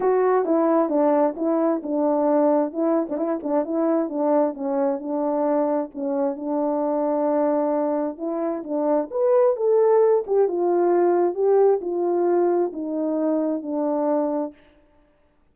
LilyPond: \new Staff \with { instrumentName = "horn" } { \time 4/4 \tempo 4 = 132 fis'4 e'4 d'4 e'4 | d'2 e'8. d'16 e'8 d'8 | e'4 d'4 cis'4 d'4~ | d'4 cis'4 d'2~ |
d'2 e'4 d'4 | b'4 a'4. g'8 f'4~ | f'4 g'4 f'2 | dis'2 d'2 | }